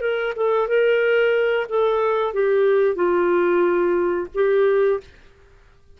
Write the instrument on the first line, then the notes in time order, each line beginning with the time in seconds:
clarinet
0.00 A#4
0.35 A4
0.67 A#4
1.69 A4
2.33 G4
2.95 F4
4.34 G4